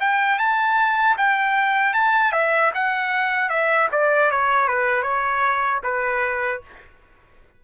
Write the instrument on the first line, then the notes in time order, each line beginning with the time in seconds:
trumpet
0.00 G5
0.38 A5
1.17 G5
1.93 A5
2.32 E5
2.74 F#5
3.49 E5
3.92 D5
4.31 C#5
4.68 B4
5.02 C#5
5.83 B4